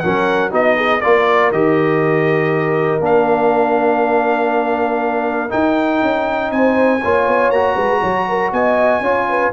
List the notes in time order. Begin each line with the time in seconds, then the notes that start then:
0.00 F#3 C#4 A#4 F#5
0.51 B3 D#4 F#4 D#5
0.78 G#4
1.01 A#3 F4 A#4 D5
1.52 D#3 G4 D#5
3.00 A#3 D4 F5
5.50 D#4 G5
6.03 C#4
6.52 C4 C5 G#5
7.02 A#3 F4 C#5
7.28 B3
7.50 A#3 F#4 A#5
7.76 G#3 B4
8.01 F#3 C#5
8.29 A#4
8.53 B3 D#5 G#5
9.01 C#4 F4 C#5
9.30 B4